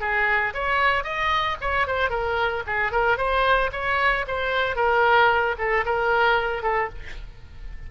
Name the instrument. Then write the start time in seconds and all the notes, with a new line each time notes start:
oboe
0.00 G#4
0.54 C#5
1.04 D#5
1.61 C#5
1.87 C5
2.09 A#4
2.66 G#4
2.91 A#4
3.17 C5
3.72 C#5
4.27 C5
4.75 A#4
5.58 A4
5.85 A#4
6.62 A4